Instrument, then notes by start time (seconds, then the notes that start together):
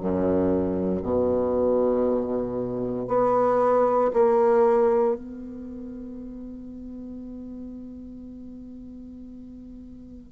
bassoon
0.00 F#2
1.03 B2
3.08 B3
4.13 A#3
5.15 B3